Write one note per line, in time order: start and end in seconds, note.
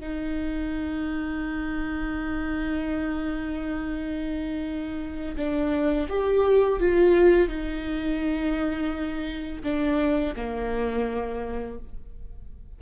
0.00 5.36 D#4
5.36 6.07 D4
6.09 6.80 G4
6.80 7.48 F4
7.48 9.62 D#4
9.63 10.35 D4
10.36 11.79 A#3